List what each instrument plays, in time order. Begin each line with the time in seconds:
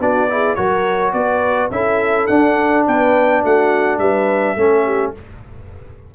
0.00 tuba B3, trombone D4, horn F#4, trumpet D5
0.28 trombone E4, horn G#4
0.55 tuba F#3, trombone F#4, horn A#4, trumpet C#5
1.12 tuba B3, horn B4, trumpet D5
1.70 tuba C#4, trombone E4, horn A4, trumpet E5
2.26 tuba D4, trombone D4, trumpet F#5
2.86 tuba B3, horn B4, trumpet G5
3.42 tuba A3, horn F#4, trumpet F#5
3.98 tuba G3, horn B4, trumpet E5
4.55 tuba A3, trombone C#4, horn A4
4.85 horn G4